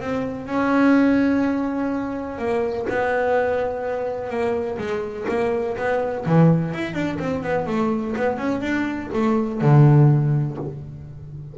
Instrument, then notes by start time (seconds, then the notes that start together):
double bass
0.00 C4
0.46 C#4
2.38 A#3
2.89 B3
4.30 A#3
4.78 G#3
5.28 A#3
5.77 B3
6.26 E3
6.74 E4
6.94 D4
7.19 C4
7.43 B3
7.67 A3
8.16 B3
8.38 C#4
8.61 D4
9.13 A3
9.61 D3